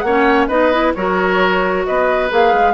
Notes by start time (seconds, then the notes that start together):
0.00 A#3 C#5 F#5
0.07 C#4
0.48 B3 D#4 B4 D#5
0.73 E4
0.94 F#3 F#4 A#4 C#5
1.85 B3 B4 D#5
2.30 A#3 G#4 F5
2.53 G#3